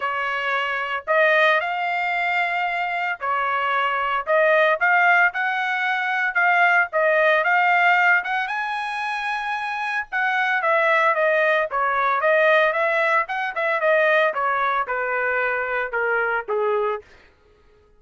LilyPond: \new Staff \with { instrumentName = "trumpet" } { \time 4/4 \tempo 4 = 113 cis''2 dis''4 f''4~ | f''2 cis''2 | dis''4 f''4 fis''2 | f''4 dis''4 f''4. fis''8 |
gis''2. fis''4 | e''4 dis''4 cis''4 dis''4 | e''4 fis''8 e''8 dis''4 cis''4 | b'2 ais'4 gis'4 | }